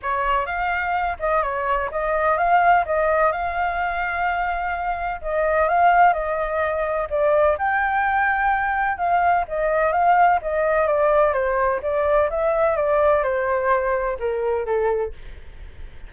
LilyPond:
\new Staff \with { instrumentName = "flute" } { \time 4/4 \tempo 4 = 127 cis''4 f''4. dis''8 cis''4 | dis''4 f''4 dis''4 f''4~ | f''2. dis''4 | f''4 dis''2 d''4 |
g''2. f''4 | dis''4 f''4 dis''4 d''4 | c''4 d''4 e''4 d''4 | c''2 ais'4 a'4 | }